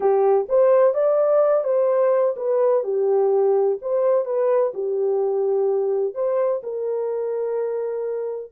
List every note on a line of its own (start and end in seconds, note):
0.00 0.47 G4
0.48 0.94 C5
0.94 1.64 D5
1.64 2.35 C5
2.36 2.83 B4
2.83 3.78 G4
3.81 4.25 C5
4.25 4.72 B4
4.74 6.14 G4
6.14 6.61 C5
6.63 8.51 A#4